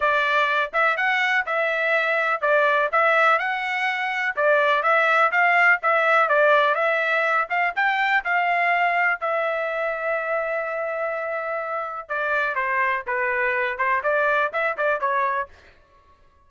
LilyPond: \new Staff \with { instrumentName = "trumpet" } { \time 4/4 \tempo 4 = 124 d''4. e''8 fis''4 e''4~ | e''4 d''4 e''4 fis''4~ | fis''4 d''4 e''4 f''4 | e''4 d''4 e''4. f''8 |
g''4 f''2 e''4~ | e''1~ | e''4 d''4 c''4 b'4~ | b'8 c''8 d''4 e''8 d''8 cis''4 | }